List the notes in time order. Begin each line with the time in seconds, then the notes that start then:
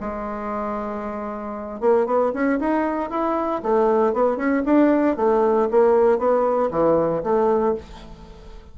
0.00 G#3
1.80 A#3
2.06 B3
2.33 C#4
2.59 D#4
3.10 E4
3.63 A3
4.13 B3
4.37 C#4
4.65 D4
5.16 A3
5.71 A#3
6.18 B3
6.71 E3
7.23 A3